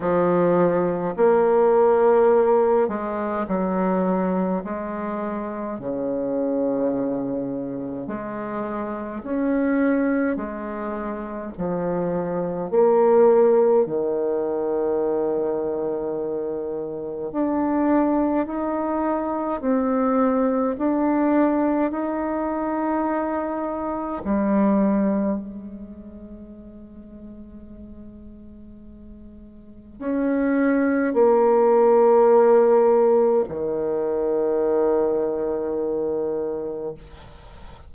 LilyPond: \new Staff \with { instrumentName = "bassoon" } { \time 4/4 \tempo 4 = 52 f4 ais4. gis8 fis4 | gis4 cis2 gis4 | cis'4 gis4 f4 ais4 | dis2. d'4 |
dis'4 c'4 d'4 dis'4~ | dis'4 g4 gis2~ | gis2 cis'4 ais4~ | ais4 dis2. | }